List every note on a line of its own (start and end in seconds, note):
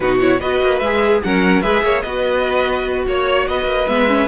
0.00 0.40 B2
0.00 0.20 D#4
0.00 0.39 F#4
0.00 0.18 B4
0.20 0.40 E4
0.20 0.40 C#5
0.39 0.62 B3
0.39 0.82 F#4
0.39 1.21 B4
0.39 0.79 D#5
0.62 0.80 A#3
0.79 1.21 G#3
0.79 1.24 G#4
0.79 1.20 E5
1.23 1.63 F#3
1.23 1.63 C#4
1.23 1.62 A#4
1.23 1.61 F#5
1.61 1.82 G#3
1.61 2.04 G#4
1.61 1.82 B4
1.61 2.01 E5
1.82 2.02 A#3
1.82 2.03 C#5
2.01 3.05 B3
2.01 3.87 F#4
2.01 3.05 B4
2.01 3.03 D#5
3.06 3.47 A#3
3.06 3.48 C#5
3.06 3.47 C#5
3.47 3.65 B3
3.47 4.27 B4
3.47 3.88 D#5
3.65 3.85 A#3
3.87 4.27 G#3
3.87 4.08 B3
3.87 4.27 E5
4.08 4.27 C#4